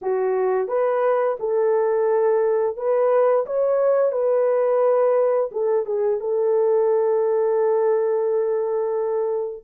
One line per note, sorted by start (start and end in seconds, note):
0.01 0.68 F#4
0.68 1.37 B4
1.39 2.76 A4
2.76 3.45 B4
3.46 4.12 C#5
4.12 5.50 B4
5.51 5.85 A4
5.85 6.20 G#4
6.20 9.64 A4